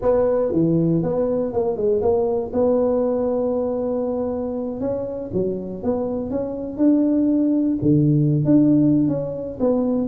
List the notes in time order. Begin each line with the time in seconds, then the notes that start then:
0.01 B3
0.52 E3
1.02 B3
1.53 A#3
1.76 G#3
2.01 A#3
2.53 B3
4.80 C#4
5.33 F#3
5.83 B3
6.30 C#4
6.77 D4
7.82 D3
8.45 D4
9.08 C#4
9.60 B3